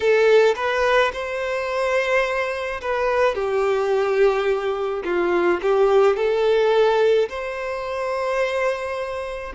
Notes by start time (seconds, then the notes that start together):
0.00 A4
0.55 B4
1.12 C5
2.81 B4
3.35 G4
5.04 F4
5.62 G4
6.16 A4
7.29 C5